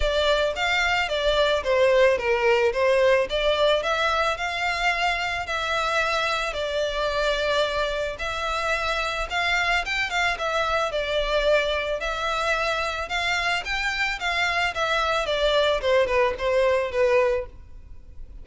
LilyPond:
\new Staff \with { instrumentName = "violin" } { \time 4/4 \tempo 4 = 110 d''4 f''4 d''4 c''4 | ais'4 c''4 d''4 e''4 | f''2 e''2 | d''2. e''4~ |
e''4 f''4 g''8 f''8 e''4 | d''2 e''2 | f''4 g''4 f''4 e''4 | d''4 c''8 b'8 c''4 b'4 | }